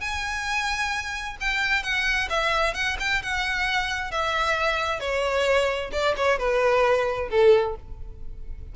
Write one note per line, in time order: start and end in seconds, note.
0.00 1.36 G#5
1.40 1.83 G5
1.83 2.28 F#5
2.29 2.74 E5
2.74 2.96 F#5
2.99 3.22 G5
3.22 4.11 F#5
4.11 5.00 E5
5.00 5.90 C#5
5.92 6.14 D5
6.17 6.38 C#5
6.38 7.29 B4
7.30 7.75 A4